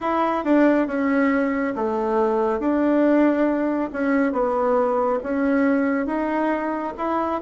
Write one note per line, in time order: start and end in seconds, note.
0.00 0.44 E4
0.44 0.87 D4
0.87 1.74 C#4
1.75 2.59 A3
2.59 3.89 D4
3.92 4.32 C#4
4.32 5.19 B3
5.23 6.06 C#4
6.06 6.93 D#4
6.97 7.41 E4